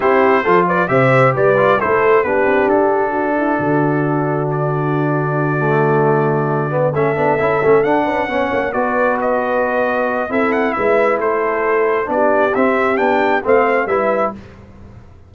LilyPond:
<<
  \new Staff \with { instrumentName = "trumpet" } { \time 4/4 \tempo 4 = 134 c''4. d''8 e''4 d''4 | c''4 b'4 a'2~ | a'2 d''2~ | d''2.~ d''8 e''8~ |
e''4. fis''2 d''8~ | d''8 dis''2~ dis''8 e''8 fis''8 | e''4 c''2 d''4 | e''4 g''4 f''4 e''4 | }
  \new Staff \with { instrumentName = "horn" } { \time 4/4 g'4 a'8 b'8 c''4 b'4 | a'4 g'2 fis'8 e'8 | fis'1~ | fis'2.~ fis'8 a'8~ |
a'2 b'8 cis''4 b'8~ | b'2. a'4 | b'4 a'2 g'4~ | g'2 c''4 b'4 | }
  \new Staff \with { instrumentName = "trombone" } { \time 4/4 e'4 f'4 g'4. f'8 | e'4 d'2.~ | d'1~ | d'8 a2~ a8 b8 cis'8 |
d'8 e'8 cis'8 d'4 cis'4 fis'8~ | fis'2. e'4~ | e'2. d'4 | c'4 d'4 c'4 e'4 | }
  \new Staff \with { instrumentName = "tuba" } { \time 4/4 c'4 f4 c4 g4 | a4 b8 c'8 d'2 | d1~ | d2.~ d8 a8 |
b8 cis'8 a8 d'8 cis'8 b8 ais8 b8~ | b2. c'4 | gis4 a2 b4 | c'4 b4 a4 g4 | }
>>